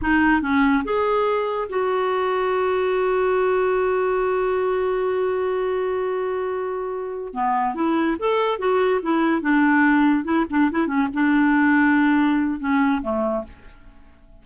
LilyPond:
\new Staff \with { instrumentName = "clarinet" } { \time 4/4 \tempo 4 = 143 dis'4 cis'4 gis'2 | fis'1~ | fis'1~ | fis'1~ |
fis'4. b4 e'4 a'8~ | a'8 fis'4 e'4 d'4.~ | d'8 e'8 d'8 e'8 cis'8 d'4.~ | d'2 cis'4 a4 | }